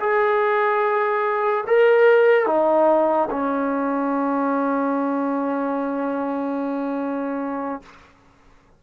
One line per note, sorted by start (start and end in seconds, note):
0.00 1.64 G#4
1.67 2.47 A#4
2.47 3.29 D#4
3.31 7.83 C#4